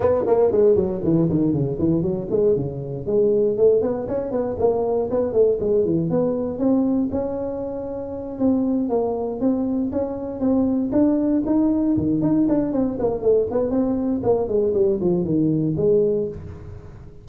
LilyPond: \new Staff \with { instrumentName = "tuba" } { \time 4/4 \tempo 4 = 118 b8 ais8 gis8 fis8 e8 dis8 cis8 e8 | fis8 gis8 cis4 gis4 a8 b8 | cis'8 b8 ais4 b8 a8 gis8 e8 | b4 c'4 cis'2~ |
cis'8 c'4 ais4 c'4 cis'8~ | cis'8 c'4 d'4 dis'4 dis8 | dis'8 d'8 c'8 ais8 a8 b8 c'4 | ais8 gis8 g8 f8 dis4 gis4 | }